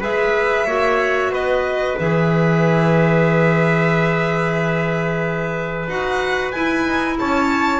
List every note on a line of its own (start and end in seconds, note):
0.00 0.65 G#3
0.00 0.65 G#4
0.00 0.65 B4
0.00 1.33 E5
0.65 1.30 A#3
0.65 1.97 F#4
0.65 1.31 C#5
1.30 1.95 B3
1.30 7.18 B4
1.30 1.98 D#5
1.98 5.87 E3
1.98 5.88 G#4
1.98 5.89 E5
5.87 6.52 D#4
5.87 6.53 F#4
5.87 6.51 F#5
6.51 6.87 E4
6.51 7.80 E4
6.51 7.16 G#5
6.87 7.19 D#4
7.19 7.80 C#4
7.19 7.80 C#5
7.19 7.80 A5